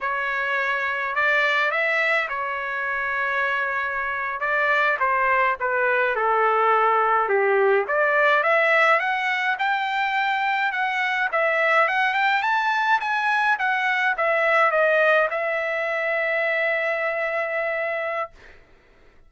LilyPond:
\new Staff \with { instrumentName = "trumpet" } { \time 4/4 \tempo 4 = 105 cis''2 d''4 e''4 | cis''2.~ cis''8. d''16~ | d''8. c''4 b'4 a'4~ a'16~ | a'8. g'4 d''4 e''4 fis''16~ |
fis''8. g''2 fis''4 e''16~ | e''8. fis''8 g''8 a''4 gis''4 fis''16~ | fis''8. e''4 dis''4 e''4~ e''16~ | e''1 | }